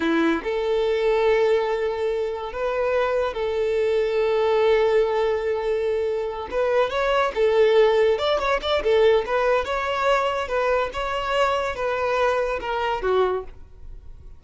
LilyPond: \new Staff \with { instrumentName = "violin" } { \time 4/4 \tempo 4 = 143 e'4 a'2.~ | a'2 b'2 | a'1~ | a'2.~ a'8 b'8~ |
b'8 cis''4 a'2 d''8 | cis''8 d''8 a'4 b'4 cis''4~ | cis''4 b'4 cis''2 | b'2 ais'4 fis'4 | }